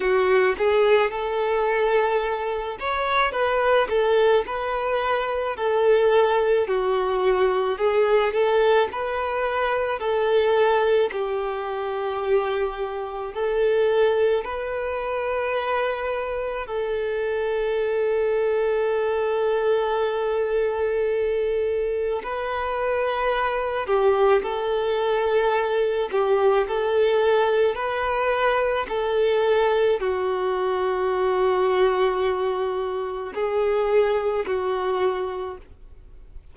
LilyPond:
\new Staff \with { instrumentName = "violin" } { \time 4/4 \tempo 4 = 54 fis'8 gis'8 a'4. cis''8 b'8 a'8 | b'4 a'4 fis'4 gis'8 a'8 | b'4 a'4 g'2 | a'4 b'2 a'4~ |
a'1 | b'4. g'8 a'4. g'8 | a'4 b'4 a'4 fis'4~ | fis'2 gis'4 fis'4 | }